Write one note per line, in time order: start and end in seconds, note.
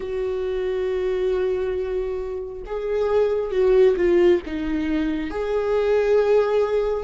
0.00 2.62 F#4
2.66 3.51 G#4
3.51 3.95 F#4
3.96 4.40 F4
4.46 5.30 D#4
5.30 7.03 G#4